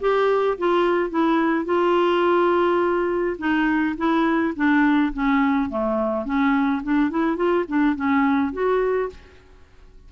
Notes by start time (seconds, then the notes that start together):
0.00 G4
0.58 F4
1.10 E4
1.65 F4
3.38 D#4
3.97 E4
4.56 D4
5.13 C#4
5.69 A3
6.25 C#4
6.83 D4
7.10 E4
7.36 F4
7.68 D4
7.95 C#4
8.52 F#4